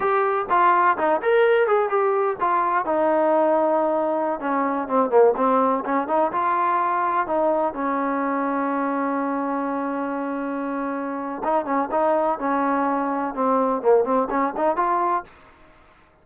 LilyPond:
\new Staff \with { instrumentName = "trombone" } { \time 4/4 \tempo 4 = 126 g'4 f'4 dis'8 ais'4 gis'8 | g'4 f'4 dis'2~ | dis'4~ dis'16 cis'4 c'8 ais8 c'8.~ | c'16 cis'8 dis'8 f'2 dis'8.~ |
dis'16 cis'2.~ cis'8.~ | cis'1 | dis'8 cis'8 dis'4 cis'2 | c'4 ais8 c'8 cis'8 dis'8 f'4 | }